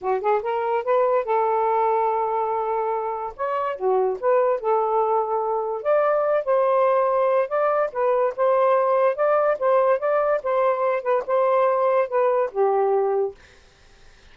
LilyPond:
\new Staff \with { instrumentName = "saxophone" } { \time 4/4 \tempo 4 = 144 fis'8 gis'8 ais'4 b'4 a'4~ | a'1 | cis''4 fis'4 b'4 a'4~ | a'2 d''4. c''8~ |
c''2 d''4 b'4 | c''2 d''4 c''4 | d''4 c''4. b'8 c''4~ | c''4 b'4 g'2 | }